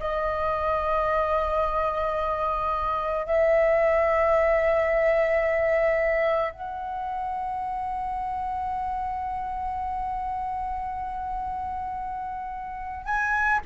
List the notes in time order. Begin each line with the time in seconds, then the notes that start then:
0.00 D#5
3.26 E5
6.53 F#5
13.06 G#5